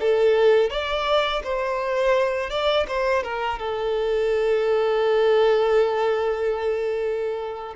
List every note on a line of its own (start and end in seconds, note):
0.00 0.70 A4
0.70 1.42 D5
1.44 2.50 C5
2.50 2.86 D5
2.88 3.23 C5
3.23 3.59 A#4
3.59 7.74 A4